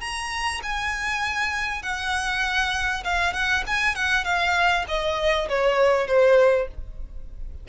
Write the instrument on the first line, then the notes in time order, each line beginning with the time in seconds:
violin
0.00 A#5
0.63 G#5
1.82 F#5
3.04 F5
3.33 F#5
3.66 G#5
3.95 F#5
4.24 F5
4.88 D#5
5.48 C#5
6.07 C5